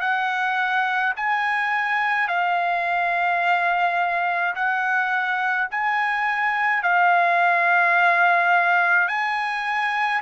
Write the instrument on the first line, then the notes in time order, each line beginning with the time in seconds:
trumpet
0.00 F#5
1.16 G#5
2.28 F5
4.55 F#5
5.71 G#5
6.82 F5
9.08 G#5